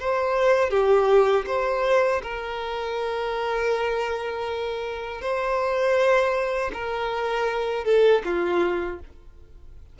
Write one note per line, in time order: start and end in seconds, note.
0.00 0.71 C5
0.71 1.46 G4
1.47 2.22 C5
2.23 5.22 A#4
5.22 6.72 C5
6.74 7.85 A#4
7.85 8.22 A4
8.25 9.00 F4